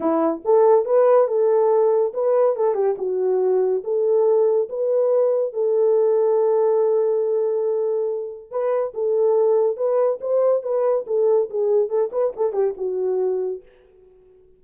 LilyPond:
\new Staff \with { instrumentName = "horn" } { \time 4/4 \tempo 4 = 141 e'4 a'4 b'4 a'4~ | a'4 b'4 a'8 g'8 fis'4~ | fis'4 a'2 b'4~ | b'4 a'2.~ |
a'1 | b'4 a'2 b'4 | c''4 b'4 a'4 gis'4 | a'8 b'8 a'8 g'8 fis'2 | }